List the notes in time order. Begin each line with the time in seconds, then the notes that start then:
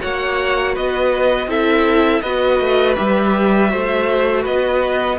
0.00 A#3 F#4 C#5 F#5
0.74 B3 B4 D#5
1.47 C4 E4 A4 E5
2.22 B3 F#4 B4 D#5
2.60 A3
2.97 G3 G4 E5
3.69 A3 F#4 C5
4.42 B3 B4 D#5